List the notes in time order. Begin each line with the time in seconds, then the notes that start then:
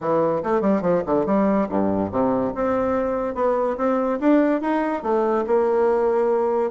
0.00 E3
0.43 A3
0.61 G3
0.81 F3
1.05 D3
1.26 G3
1.69 G2
2.11 C3
2.54 C4
3.35 B3
3.77 C4
4.20 D4
4.61 D#4
5.02 A3
5.47 A#3